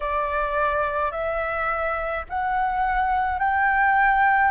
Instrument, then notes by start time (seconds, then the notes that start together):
flute
0.00 D5
1.11 E5
2.29 F#5
3.39 G5